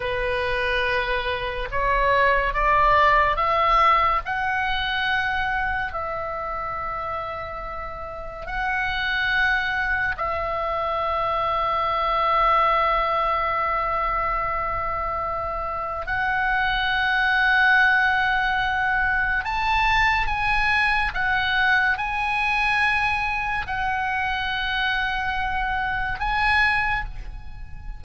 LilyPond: \new Staff \with { instrumentName = "oboe" } { \time 4/4 \tempo 4 = 71 b'2 cis''4 d''4 | e''4 fis''2 e''4~ | e''2 fis''2 | e''1~ |
e''2. fis''4~ | fis''2. a''4 | gis''4 fis''4 gis''2 | fis''2. gis''4 | }